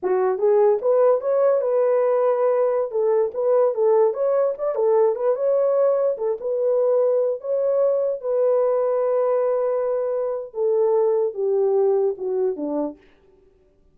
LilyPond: \new Staff \with { instrumentName = "horn" } { \time 4/4 \tempo 4 = 148 fis'4 gis'4 b'4 cis''4 | b'2.~ b'16 a'8.~ | a'16 b'4 a'4 cis''4 d''8 a'16~ | a'8. b'8 cis''2 a'8 b'16~ |
b'2~ b'16 cis''4.~ cis''16~ | cis''16 b'2.~ b'8.~ | b'2 a'2 | g'2 fis'4 d'4 | }